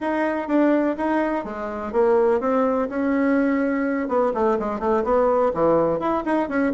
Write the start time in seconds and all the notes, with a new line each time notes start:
0.00 D#4
0.48 D4
0.97 D#4
1.44 G#3
1.92 A#3
2.40 C4
2.89 C#4
4.08 B3
4.33 A3
4.59 G#3
4.79 A3
5.04 B3
5.54 E3
5.99 E4
6.25 D#4
6.48 C#4